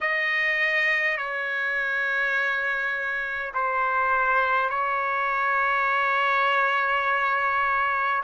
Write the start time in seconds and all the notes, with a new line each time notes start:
0.01 D#5
1.17 C#5
3.53 C5
4.69 C#5